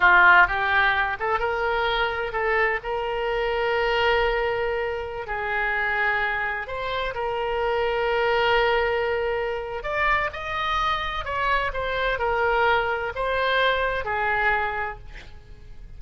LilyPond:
\new Staff \with { instrumentName = "oboe" } { \time 4/4 \tempo 4 = 128 f'4 g'4. a'8 ais'4~ | ais'4 a'4 ais'2~ | ais'2.~ ais'16 gis'8.~ | gis'2~ gis'16 c''4 ais'8.~ |
ais'1~ | ais'4 d''4 dis''2 | cis''4 c''4 ais'2 | c''2 gis'2 | }